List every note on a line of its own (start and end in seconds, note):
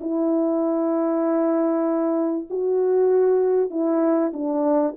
0.00 2.47 E4
2.50 3.70 F#4
3.70 4.32 E4
4.33 4.95 D4